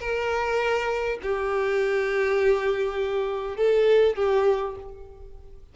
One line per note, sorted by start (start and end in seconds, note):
0.00 1.19 A#4
1.22 3.57 G4
3.57 4.16 A4
4.16 4.75 G4